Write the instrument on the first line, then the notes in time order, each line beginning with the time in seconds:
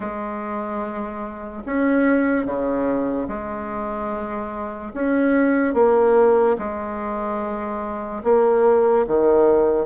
bassoon
0.00 G#3
1.66 C#4
2.45 C#3
3.28 G#3
4.94 C#4
5.73 A#3
6.58 G#3
8.23 A#3
9.07 D#3